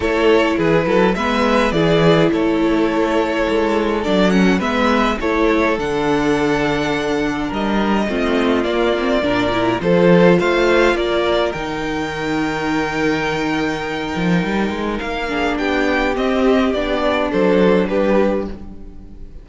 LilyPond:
<<
  \new Staff \with { instrumentName = "violin" } { \time 4/4 \tempo 4 = 104 cis''4 b'4 e''4 d''4 | cis''2. d''8 fis''8 | e''4 cis''4 fis''2~ | fis''4 dis''2 d''4~ |
d''4 c''4 f''4 d''4 | g''1~ | g''2 f''4 g''4 | dis''4 d''4 c''4 b'4 | }
  \new Staff \with { instrumentName = "violin" } { \time 4/4 a'4 gis'8 a'8 b'4 gis'4 | a'1 | b'4 a'2.~ | a'4 ais'4 f'2 |
ais'4 a'4 c''4 ais'4~ | ais'1~ | ais'2~ ais'8 gis'8 g'4~ | g'2 a'4 g'4 | }
  \new Staff \with { instrumentName = "viola" } { \time 4/4 e'2 b4 e'4~ | e'2. d'8 cis'8 | b4 e'4 d'2~ | d'2 c'4 ais8 c'8 |
d'8 e'8 f'2. | dis'1~ | dis'2~ dis'8 d'4. | c'4 d'2. | }
  \new Staff \with { instrumentName = "cello" } { \time 4/4 a4 e8 fis8 gis4 e4 | a2 gis4 fis4 | gis4 a4 d2~ | d4 g4 a4 ais4 |
ais,4 f4 a4 ais4 | dis1~ | dis8 f8 g8 gis8 ais4 b4 | c'4 b4 fis4 g4 | }
>>